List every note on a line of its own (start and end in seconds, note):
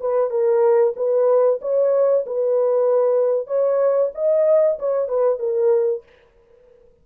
0.00 0.30 B4
0.30 0.94 A#4
0.96 1.60 B4
1.61 2.25 C#5
2.26 3.47 B4
3.47 4.11 C#5
4.14 4.78 D#5
4.79 5.08 C#5
5.08 5.39 B4
5.39 6.03 A#4